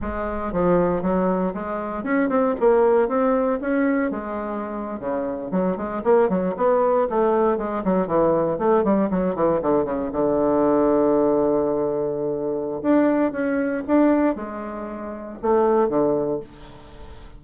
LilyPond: \new Staff \with { instrumentName = "bassoon" } { \time 4/4 \tempo 4 = 117 gis4 f4 fis4 gis4 | cis'8 c'8 ais4 c'4 cis'4 | gis4.~ gis16 cis4 fis8 gis8 ais16~ | ais16 fis8 b4 a4 gis8 fis8 e16~ |
e8. a8 g8 fis8 e8 d8 cis8 d16~ | d1~ | d4 d'4 cis'4 d'4 | gis2 a4 d4 | }